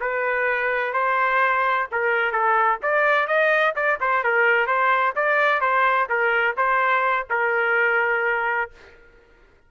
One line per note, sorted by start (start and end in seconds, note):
0.00 0.93 B4
0.93 1.87 C5
1.91 2.32 A#4
2.32 2.78 A4
2.82 3.27 D5
3.27 3.74 D#5
3.75 3.99 D5
4.00 4.23 C5
4.23 4.67 A#4
4.67 5.13 C5
5.15 5.61 D5
5.61 6.07 C5
6.09 6.56 A#4
6.56 7.27 C5
7.30 8.70 A#4